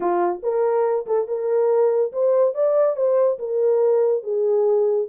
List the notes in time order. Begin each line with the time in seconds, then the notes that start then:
0.00 F4
0.42 A#4
1.06 A4
1.27 A#4
2.12 C5
2.54 D5
2.96 C5
3.39 A#4
4.23 G#4